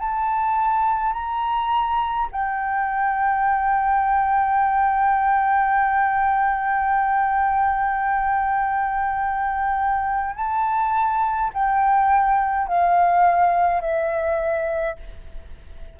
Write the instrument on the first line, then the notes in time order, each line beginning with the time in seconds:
flute
0.00 A5
1.13 A#5
2.32 G5
10.36 A5
11.54 G5
12.68 F5
13.81 E5